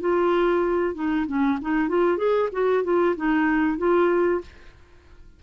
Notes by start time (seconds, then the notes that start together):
0.00 F4
0.95 D#4
1.27 C#4
1.61 D#4
1.89 F4
2.17 G#4
2.52 F#4
2.84 F4
3.16 D#4
3.78 F4